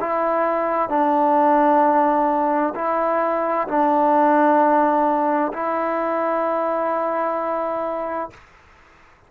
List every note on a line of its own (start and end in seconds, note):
0.00 0.89 E4
0.89 2.74 D4
2.75 3.67 E4
3.68 5.52 D4
5.53 8.30 E4